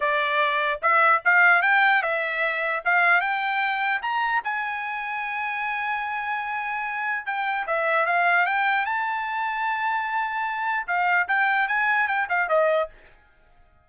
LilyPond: \new Staff \with { instrumentName = "trumpet" } { \time 4/4 \tempo 4 = 149 d''2 e''4 f''4 | g''4 e''2 f''4 | g''2 ais''4 gis''4~ | gis''1~ |
gis''2 g''4 e''4 | f''4 g''4 a''2~ | a''2. f''4 | g''4 gis''4 g''8 f''8 dis''4 | }